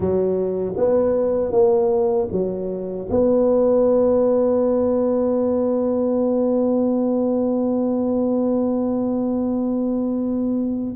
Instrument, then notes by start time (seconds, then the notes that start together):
tuba
0.00 F#3
0.77 B3
1.51 A#3
2.31 F#3
3.09 B3